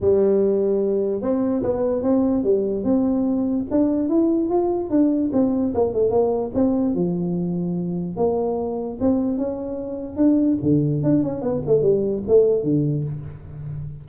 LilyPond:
\new Staff \with { instrumentName = "tuba" } { \time 4/4 \tempo 4 = 147 g2. c'4 | b4 c'4 g4 c'4~ | c'4 d'4 e'4 f'4 | d'4 c'4 ais8 a8 ais4 |
c'4 f2. | ais2 c'4 cis'4~ | cis'4 d'4 d4 d'8 cis'8 | b8 a8 g4 a4 d4 | }